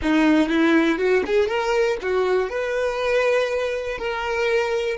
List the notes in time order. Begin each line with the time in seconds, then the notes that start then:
0.01 D#4
0.48 E4
0.98 F#4
1.25 G#4
1.48 A#4
2.01 F#4
2.49 B4
3.98 A#4